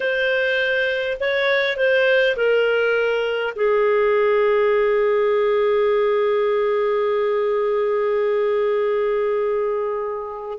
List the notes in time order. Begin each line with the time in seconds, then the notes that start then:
0.00 C5
1.20 C#5
1.76 C5
2.36 A#4
3.55 G#4